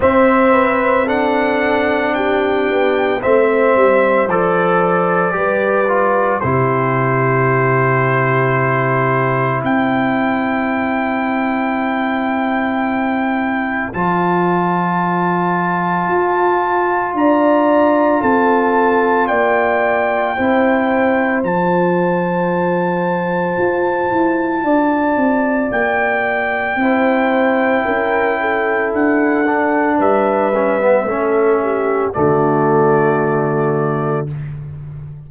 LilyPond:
<<
  \new Staff \with { instrumentName = "trumpet" } { \time 4/4 \tempo 4 = 56 e''4 fis''4 g''4 e''4 | d''2 c''2~ | c''4 g''2.~ | g''4 a''2. |
ais''4 a''4 g''2 | a''1 | g''2. fis''4 | e''2 d''2 | }
  \new Staff \with { instrumentName = "horn" } { \time 4/4 c''8 b'8 a'4 g'4 c''4~ | c''4 b'4 g'2~ | g'4 c''2.~ | c''1 |
d''4 a'4 d''4 c''4~ | c''2. d''4~ | d''4 c''4 ais'8 a'4. | b'4 a'8 g'8 fis'2 | }
  \new Staff \with { instrumentName = "trombone" } { \time 4/4 c'4 d'2 c'4 | a'4 g'8 f'8 e'2~ | e'1~ | e'4 f'2.~ |
f'2. e'4 | f'1~ | f'4 e'2~ e'8 d'8~ | d'8 cis'16 b16 cis'4 a2 | }
  \new Staff \with { instrumentName = "tuba" } { \time 4/4 c'2~ c'8 b8 a8 g8 | f4 g4 c2~ | c4 c'2.~ | c'4 f2 f'4 |
d'4 c'4 ais4 c'4 | f2 f'8 e'8 d'8 c'8 | ais4 c'4 cis'4 d'4 | g4 a4 d2 | }
>>